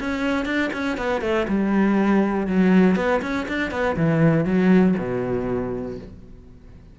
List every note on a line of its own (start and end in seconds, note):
0.00 0.45 C#4
0.45 0.70 D4
0.73 0.97 C#4
0.97 1.22 B3
1.22 1.47 A3
1.48 2.47 G3
2.47 2.96 F#3
2.96 3.21 B3
3.22 3.47 C#4
3.48 3.71 D4
3.71 3.96 B3
3.96 4.45 E3
4.45 4.95 F#3
4.98 5.98 B2